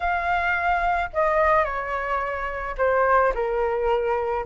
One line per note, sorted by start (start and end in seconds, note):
0.00 1.09 F5
1.13 1.64 D#5
1.64 2.75 C#5
2.77 3.33 C5
3.34 4.45 A#4